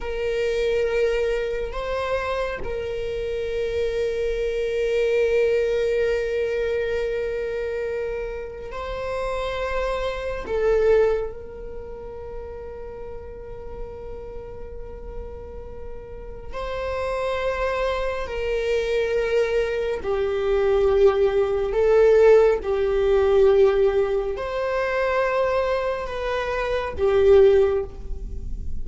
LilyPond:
\new Staff \with { instrumentName = "viola" } { \time 4/4 \tempo 4 = 69 ais'2 c''4 ais'4~ | ais'1~ | ais'2 c''2 | a'4 ais'2.~ |
ais'2. c''4~ | c''4 ais'2 g'4~ | g'4 a'4 g'2 | c''2 b'4 g'4 | }